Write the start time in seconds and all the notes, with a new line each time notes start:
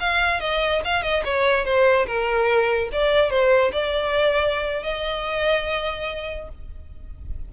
0.00 F5
0.40 D#5
0.85 F5
1.03 D#5
1.25 C#5
1.65 C5
2.07 A#4
2.92 D5
3.30 C5
3.73 D5
4.83 D#5